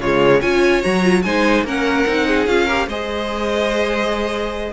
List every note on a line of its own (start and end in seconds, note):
0.00 0.41 C#3
0.00 0.42 G#3
0.00 0.40 F4
0.00 0.41 C#5
0.40 0.83 C#4
0.40 0.82 F4
0.40 1.22 C#5
0.40 0.82 G#5
0.82 1.25 F#3
0.82 1.03 F#4
0.82 1.23 A#5
1.03 1.23 F4
1.23 1.64 G#3
1.23 1.65 D#4
1.23 1.65 C5
1.23 1.64 G#5
1.64 2.05 A#3
1.64 2.07 C#4
1.64 2.27 A#4
1.64 2.47 F#5
2.07 2.47 C4
2.07 2.48 D#4
2.27 2.65 G#4
2.47 2.87 C#4
2.47 2.68 F4
2.47 2.88 F5
2.65 2.89 G4
2.65 2.86 A#4
2.87 4.72 G#3
2.87 4.73 G#4
2.87 4.73 C5
2.87 4.73 D#5